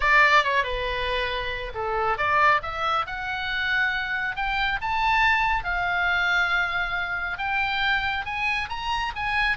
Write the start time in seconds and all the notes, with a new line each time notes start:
0.00 D5
0.43 C#5
0.63 B4
1.74 A4
2.17 D5
2.62 E5
3.06 F#5
4.36 G5
4.81 A5
5.63 F5
7.38 G5
8.25 G#5
8.69 A#5
9.15 G#5